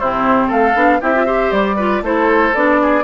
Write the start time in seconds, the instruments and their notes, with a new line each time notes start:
0.00 bassoon C3, clarinet C4, oboe E4, flute C5
0.48 bassoon A3, oboe A4, flute F5
0.75 bassoon B3, clarinet D4
1.01 bassoon C4, clarinet E4, oboe G4, flute E5
1.15 clarinet F4
1.26 clarinet G4, oboe C5
1.52 bassoon G3, flute D5
1.76 clarinet F4, oboe B4
2.02 bassoon A3, clarinet E4, oboe A4, flute C5
2.55 bassoon B3, clarinet D4, flute D5
2.82 oboe G#4